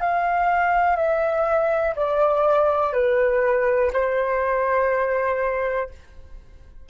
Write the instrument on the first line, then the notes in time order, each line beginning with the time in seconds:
flute
0.00 F5
0.96 E5
1.95 D5
2.93 B4
3.93 C5